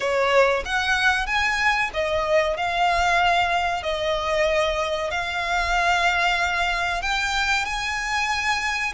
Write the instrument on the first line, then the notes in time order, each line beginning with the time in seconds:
violin
0.00 C#5
0.65 F#5
1.26 G#5
1.93 D#5
2.56 F5
3.83 D#5
5.10 F5
7.02 G5
7.65 G#5